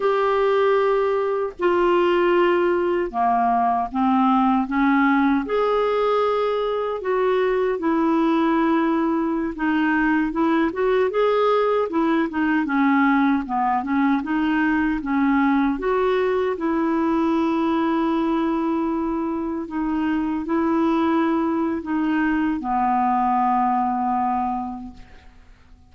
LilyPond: \new Staff \with { instrumentName = "clarinet" } { \time 4/4 \tempo 4 = 77 g'2 f'2 | ais4 c'4 cis'4 gis'4~ | gis'4 fis'4 e'2~ | e'16 dis'4 e'8 fis'8 gis'4 e'8 dis'16~ |
dis'16 cis'4 b8 cis'8 dis'4 cis'8.~ | cis'16 fis'4 e'2~ e'8.~ | e'4~ e'16 dis'4 e'4.~ e'16 | dis'4 b2. | }